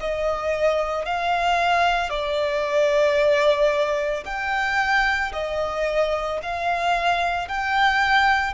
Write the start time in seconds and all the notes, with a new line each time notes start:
0.00 D#5
1.05 F5
2.09 D5
4.25 G5
5.32 D#5
6.42 F5
7.48 G5